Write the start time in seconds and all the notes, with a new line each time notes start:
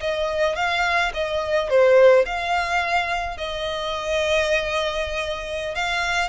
0.00 D#5
0.56 F5
1.14 D#5
1.69 C5
2.25 F5
3.37 D#5
5.75 F5